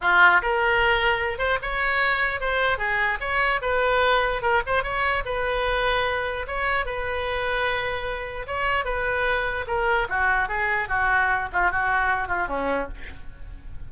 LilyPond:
\new Staff \with { instrumentName = "oboe" } { \time 4/4 \tempo 4 = 149 f'4 ais'2~ ais'8 c''8 | cis''2 c''4 gis'4 | cis''4 b'2 ais'8 c''8 | cis''4 b'2. |
cis''4 b'2.~ | b'4 cis''4 b'2 | ais'4 fis'4 gis'4 fis'4~ | fis'8 f'8 fis'4. f'8 cis'4 | }